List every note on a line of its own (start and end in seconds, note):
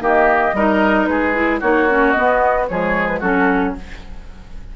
0.00 0.53 D#3
0.00 0.54 A#3
0.00 0.55 G4
0.00 1.06 D#5
0.53 1.07 G3
0.53 1.34 D#4
0.53 1.09 A#4
1.06 1.61 G#3
1.06 1.60 G#4
1.06 1.59 B4
1.34 1.61 E4
1.60 2.16 A#3
1.60 1.88 D#4
1.60 2.67 F#4
1.60 2.11 C#5
1.89 2.15 C#4
2.11 2.69 B3
2.11 2.65 D#5
2.18 2.70 B3
2.68 3.22 F3
2.68 3.22 G#3
2.68 3.20 G#4
2.68 3.07 C#5
3.07 3.21 B4
3.20 3.75 F#3
3.20 3.76 C#4
3.20 3.73 F#4
3.20 3.75 A4